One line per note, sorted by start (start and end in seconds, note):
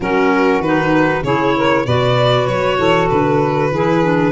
0.00 0.60 F#3
0.00 0.63 C#4
0.00 1.23 F#4
0.00 0.61 A#4
0.60 1.21 D#3
0.60 1.23 B4
0.66 1.24 D#4
1.23 1.85 C#3
1.23 1.86 E4
1.23 1.54 G#4
1.23 1.85 C#5
1.56 1.85 A#4
1.85 2.47 B2
1.85 3.73 F#4
1.85 2.77 B4
1.85 2.46 D5
2.46 2.78 F#3
2.46 3.08 C#5
2.77 3.09 E3
2.77 3.70 A4
3.09 3.71 D3
3.09 4.32 B4
3.70 4.32 E3
3.70 4.02 E4
3.70 4.32 G#4
4.02 4.32 D4